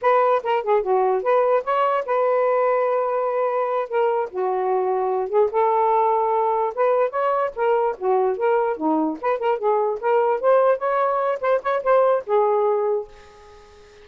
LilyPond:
\new Staff \with { instrumentName = "saxophone" } { \time 4/4 \tempo 4 = 147 b'4 ais'8 gis'8 fis'4 b'4 | cis''4 b'2.~ | b'4. ais'4 fis'4.~ | fis'4 gis'8 a'2~ a'8~ |
a'8 b'4 cis''4 ais'4 fis'8~ | fis'8 ais'4 dis'4 b'8 ais'8 gis'8~ | gis'8 ais'4 c''4 cis''4. | c''8 cis''8 c''4 gis'2 | }